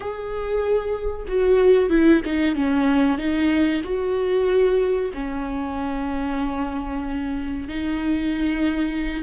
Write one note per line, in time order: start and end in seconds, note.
0.00 1.26 G#4
1.28 1.89 F#4
1.89 2.21 E4
2.25 2.55 D#4
2.55 3.17 C#4
3.17 3.82 D#4
3.84 5.11 F#4
5.13 7.68 C#4
7.68 9.23 D#4